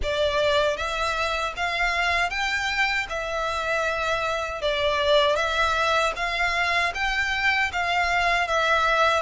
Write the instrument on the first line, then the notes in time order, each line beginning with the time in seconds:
violin
0.02 D5
0.76 E5
1.56 F5
2.30 G5
3.09 E5
4.62 D5
5.36 E5
6.15 F5
6.94 G5
7.72 F5
8.47 E5